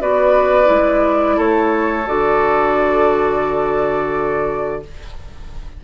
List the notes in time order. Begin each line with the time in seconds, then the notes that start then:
0.00 B3 F#4 B4 D5
0.64 G#3 E4
1.36 A3 A4 C#5
2.06 D3 F#4 D5